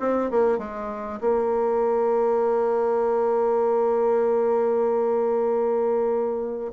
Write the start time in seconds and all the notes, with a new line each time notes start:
0.00 C4
0.31 A#3
0.58 G#3
1.21 A#3